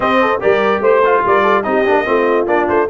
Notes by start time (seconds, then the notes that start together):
0.00 C4 G4 D#5
0.21 A4
0.40 G3 G4 A#4 D5
0.80 A3 C5
1.04 F4
1.25 G3 A#4 D5
1.42 A4
1.63 C4 D#4 G4 D#5
1.85 A#3 D4
2.05 A3 C4 F4
2.46 A#3 D4 D5
2.68 A3 C5